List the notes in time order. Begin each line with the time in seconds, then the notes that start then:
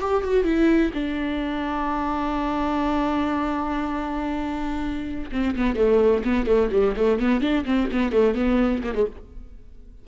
0.00 G4
0.23 F#4
0.44 E4
0.94 D4
5.32 C4
5.56 B3
5.76 A3
6.24 B3
6.46 A3
6.71 G3
6.96 A3
7.19 B3
7.41 D4
7.65 C4
7.92 B3
8.12 A3
8.35 B3
8.83 A#3
8.94 G#3